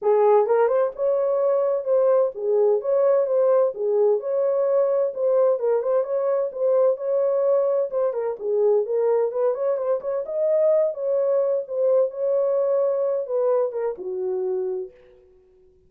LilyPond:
\new Staff \with { instrumentName = "horn" } { \time 4/4 \tempo 4 = 129 gis'4 ais'8 c''8 cis''2 | c''4 gis'4 cis''4 c''4 | gis'4 cis''2 c''4 | ais'8 c''8 cis''4 c''4 cis''4~ |
cis''4 c''8 ais'8 gis'4 ais'4 | b'8 cis''8 c''8 cis''8 dis''4. cis''8~ | cis''4 c''4 cis''2~ | cis''8 b'4 ais'8 fis'2 | }